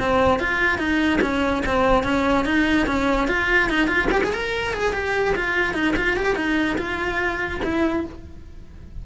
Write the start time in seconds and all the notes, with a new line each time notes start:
0.00 C4
0.40 F4
0.78 D#4
1.22 C#4
1.66 C4
2.04 C#4
2.45 D#4
2.87 C#4
3.28 F4
3.70 D#4
3.88 F4
4.12 G4
4.24 G#4
4.34 A#4
4.74 G#4
4.94 G4
5.36 F4
5.74 D#4
5.97 F4
6.17 G4
6.36 D#4
6.78 F4
7.64 E4